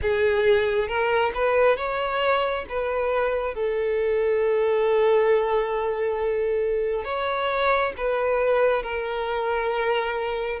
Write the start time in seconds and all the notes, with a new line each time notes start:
0.02 G#4
0.87 A#4
1.34 B4
1.76 C#5
2.69 B4
3.54 A4
7.04 C#5
7.97 B4
8.82 A#4